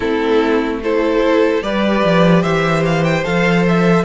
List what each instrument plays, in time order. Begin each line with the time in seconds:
0.00 cello A3, viola C4, violin E4 A4
0.82 viola E4, violin A4 C5
1.62 cello G3, viola G4, violin B4 D5
2.04 cello F3
2.42 cello E3, violin C5 E5
2.85 violin F5
3.04 violin G5
3.23 cello F3, viola A4, violin F5
3.68 violin E5